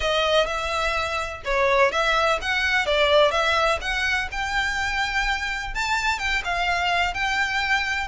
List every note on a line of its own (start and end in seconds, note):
0.00 0.46 D#5
0.46 1.41 E5
1.44 1.91 C#5
1.91 2.39 E5
2.41 2.86 F#5
2.86 3.31 D5
3.31 3.79 E5
3.81 4.29 F#5
4.31 5.74 G5
5.74 6.18 A5
6.18 6.42 G5
6.44 7.14 F5
7.14 8.08 G5